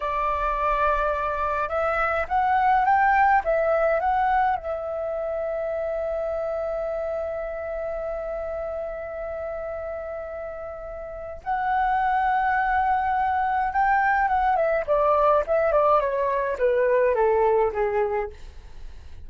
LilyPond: \new Staff \with { instrumentName = "flute" } { \time 4/4 \tempo 4 = 105 d''2. e''4 | fis''4 g''4 e''4 fis''4 | e''1~ | e''1~ |
e''1 | fis''1 | g''4 fis''8 e''8 d''4 e''8 d''8 | cis''4 b'4 a'4 gis'4 | }